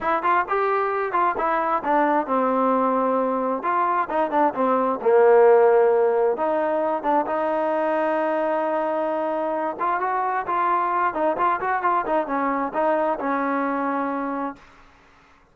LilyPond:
\new Staff \with { instrumentName = "trombone" } { \time 4/4 \tempo 4 = 132 e'8 f'8 g'4. f'8 e'4 | d'4 c'2. | f'4 dis'8 d'8 c'4 ais4~ | ais2 dis'4. d'8 |
dis'1~ | dis'4. f'8 fis'4 f'4~ | f'8 dis'8 f'8 fis'8 f'8 dis'8 cis'4 | dis'4 cis'2. | }